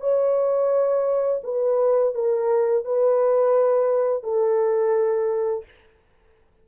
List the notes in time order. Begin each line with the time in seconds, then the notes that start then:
0.00 C#5
1.43 B4
2.14 A#4
2.85 B4
4.23 A4